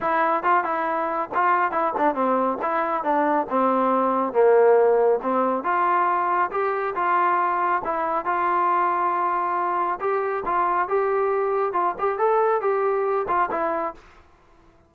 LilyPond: \new Staff \with { instrumentName = "trombone" } { \time 4/4 \tempo 4 = 138 e'4 f'8 e'4. f'4 | e'8 d'8 c'4 e'4 d'4 | c'2 ais2 | c'4 f'2 g'4 |
f'2 e'4 f'4~ | f'2. g'4 | f'4 g'2 f'8 g'8 | a'4 g'4. f'8 e'4 | }